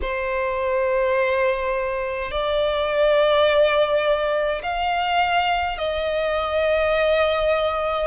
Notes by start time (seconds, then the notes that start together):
0.01 C5
2.31 D5
4.62 F5
5.77 D#5